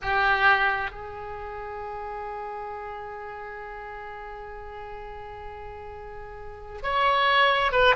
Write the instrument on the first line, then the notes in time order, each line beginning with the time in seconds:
oboe
0.02 G4
0.90 G#4
6.83 C#5
7.71 B4